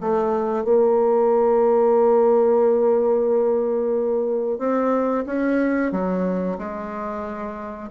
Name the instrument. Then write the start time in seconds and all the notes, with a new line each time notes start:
bassoon
0.00 A3
0.64 A#3
4.58 C4
5.26 C#4
5.92 F#3
6.58 G#3